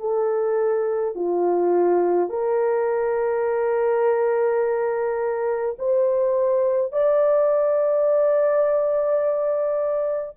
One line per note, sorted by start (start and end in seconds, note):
0.00 1.15 A4
1.15 2.30 F4
2.30 5.76 A#4
5.79 6.92 C5
6.92 10.37 D5